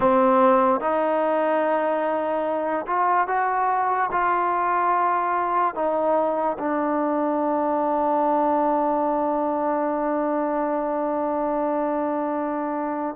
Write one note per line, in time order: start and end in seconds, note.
0.00 0.80 C4
0.80 2.85 D#4
2.86 3.27 F4
3.27 4.09 F#4
4.11 5.75 F4
5.75 6.57 D#4
6.58 13.15 D4